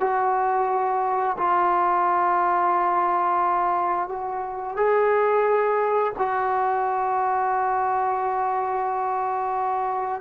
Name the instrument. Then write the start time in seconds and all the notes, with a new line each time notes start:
trombone
0.00 F#4
1.38 F4
4.08 F#4
4.76 G#4
6.18 F#4